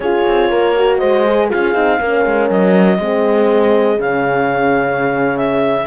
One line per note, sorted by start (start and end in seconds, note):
0.00 0.23 C#4
0.00 0.76 F4
0.00 0.49 G#4
0.00 0.97 C#5
0.27 0.52 C4
0.49 1.02 A#3
0.49 0.99 A#4
0.76 1.26 F#4
0.97 1.52 G#3
0.97 1.47 C5
0.97 1.47 D#5
1.26 1.49 G#4
1.47 1.74 F4
1.47 1.97 G#4
1.47 2.50 F5
1.54 1.75 C#4
1.74 2.00 C4
1.74 1.99 D#4
2.00 2.25 A#3
2.00 2.99 C#4
2.00 3.00 A#4
2.25 2.49 G#3
2.49 2.98 F#3
2.49 4.00 D#5
2.98 3.98 G#3
2.98 3.97 C4
2.98 5.87 G#4
3.97 5.85 C#3
3.97 5.84 C#4
3.97 5.37 F5
5.37 5.87 E5